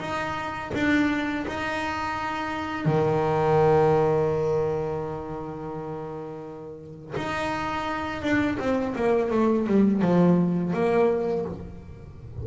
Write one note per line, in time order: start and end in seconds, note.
0.00 0.71 D#4
0.74 1.46 D4
1.47 2.85 D#4
2.85 7.14 D#3
7.17 8.22 D#4
8.22 8.58 D4
8.59 8.94 C4
8.95 9.31 A#3
9.31 9.67 A3
9.67 10.02 G3
10.02 10.73 F3
10.73 11.45 A#3